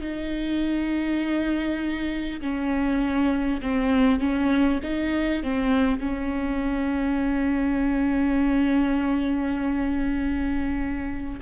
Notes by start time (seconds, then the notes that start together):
0.00 D#4
2.41 C#4
3.61 C4
4.19 C#4
4.83 D#4
5.43 C4
5.99 C#4